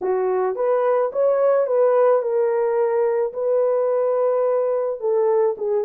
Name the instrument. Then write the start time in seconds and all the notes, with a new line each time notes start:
horn
0.01 F#4
0.55 B4
1.12 C#5
1.66 B4
2.21 A#4
3.33 B4
5.00 A4
5.57 G#4